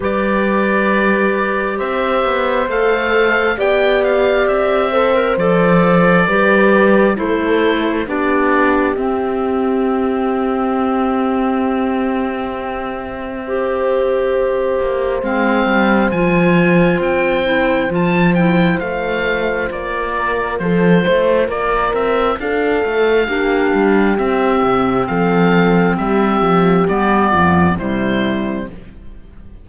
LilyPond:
<<
  \new Staff \with { instrumentName = "oboe" } { \time 4/4 \tempo 4 = 67 d''2 e''4 f''4 | g''8 f''8 e''4 d''2 | c''4 d''4 e''2~ | e''1~ |
e''4 f''4 gis''4 g''4 | a''8 g''8 f''4 d''4 c''4 | d''8 e''8 f''2 e''4 | f''4 e''4 d''4 c''4 | }
  \new Staff \with { instrumentName = "horn" } { \time 4/4 b'2 c''2 | d''4. c''4. b'4 | a'4 g'2.~ | g'2. c''4~ |
c''1~ | c''2~ c''8 ais'8 a'8 c''8 | ais'4 a'4 g'2 | a'4 g'4. f'8 e'4 | }
  \new Staff \with { instrumentName = "clarinet" } { \time 4/4 g'2. a'4 | g'4. a'16 ais'16 a'4 g'4 | e'4 d'4 c'2~ | c'2. g'4~ |
g'4 c'4 f'4. e'8 | f'8 e'8 f'2.~ | f'2 d'4 c'4~ | c'2 b4 g4 | }
  \new Staff \with { instrumentName = "cello" } { \time 4/4 g2 c'8 b8 a4 | b4 c'4 f4 g4 | a4 b4 c'2~ | c'1~ |
c'8 ais8 gis8 g8 f4 c'4 | f4 a4 ais4 f8 a8 | ais8 c'8 d'8 a8 ais8 g8 c'8 c8 | f4 g8 f8 g8 f,8 c4 | }
>>